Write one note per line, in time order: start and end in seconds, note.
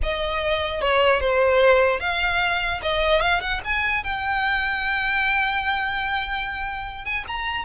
0.02 0.81 D#5
0.81 1.20 C#5
1.20 2.00 C5
2.00 2.80 F5
2.82 3.21 D#5
3.21 3.40 F5
3.40 3.60 F#5
3.64 4.03 G#5
4.03 7.04 G5
7.04 7.24 G#5
7.27 7.64 A#5